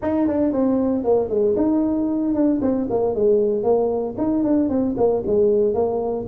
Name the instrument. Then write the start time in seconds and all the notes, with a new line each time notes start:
tuba
0.01 D#4
0.27 D4
0.52 C4
1.04 A#3
1.29 G#3
1.56 D#4
2.34 D4
2.61 C4
2.90 A#3
3.14 G#3
3.63 A#3
4.17 D#4
4.43 D4
4.69 C4
4.97 A#3
5.26 G#3
5.74 A#3